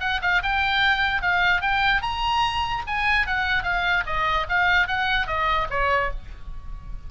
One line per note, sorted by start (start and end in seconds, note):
0.00 0.20 F#5
0.22 0.42 F5
0.42 1.21 G5
1.21 1.61 F5
1.61 2.02 G5
2.02 2.83 A#5
2.87 3.26 G#5
3.26 3.63 F#5
3.63 4.03 F5
4.06 4.46 D#5
4.49 4.87 F5
4.87 5.27 F#5
5.27 5.67 D#5
5.70 6.10 C#5